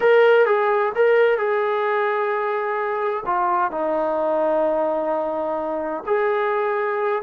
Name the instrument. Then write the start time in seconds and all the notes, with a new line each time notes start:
trombone
0.00 A#4
0.45 G#4
0.95 A#4
1.38 G#4
3.26 F4
3.71 D#4
6.06 G#4